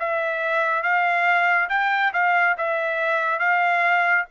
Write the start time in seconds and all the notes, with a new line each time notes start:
0.00 E5
0.83 F5
1.69 G5
2.14 F5
2.58 E5
3.39 F5